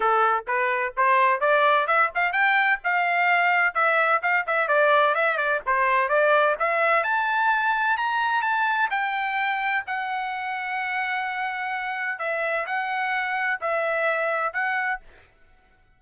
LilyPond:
\new Staff \with { instrumentName = "trumpet" } { \time 4/4 \tempo 4 = 128 a'4 b'4 c''4 d''4 | e''8 f''8 g''4 f''2 | e''4 f''8 e''8 d''4 e''8 d''8 | c''4 d''4 e''4 a''4~ |
a''4 ais''4 a''4 g''4~ | g''4 fis''2.~ | fis''2 e''4 fis''4~ | fis''4 e''2 fis''4 | }